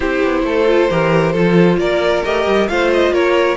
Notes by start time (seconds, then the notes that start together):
0.00 C4 E4 G4 C5
0.24 B3
0.43 A3 A4
0.67 F4
0.90 E3 G4 A#4
1.32 F3 F4 A4
1.77 A#3 A#4 D5
2.24 A3 G4 D#5
2.46 G3
2.68 A3 F4 C5 F5
2.93 D#5
3.11 A#3 A#4 C#5